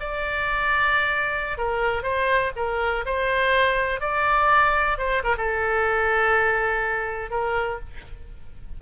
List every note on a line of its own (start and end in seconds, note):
0.00 1.58 D5
1.58 2.03 A#4
2.03 2.52 C5
2.56 3.05 A#4
3.06 4.00 C5
4.00 4.98 D5
4.98 5.22 C5
5.24 5.36 A#4
5.37 7.30 A4
7.30 7.79 A#4